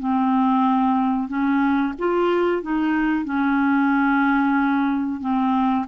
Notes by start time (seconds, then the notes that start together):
0.00 C4
1.29 C#4
1.99 F4
2.63 D#4
3.25 C#4
5.21 C4